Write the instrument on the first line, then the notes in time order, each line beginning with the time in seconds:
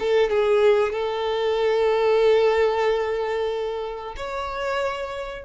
violin
0.00 A4
0.30 G#4
0.93 A4
4.17 C#5